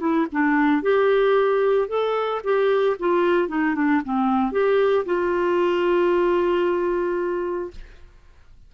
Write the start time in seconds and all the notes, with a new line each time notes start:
0.00 E4
0.32 D4
0.83 G4
1.88 A4
2.44 G4
3.00 F4
3.49 D#4
3.75 D4
4.05 C4
4.52 G4
5.06 F4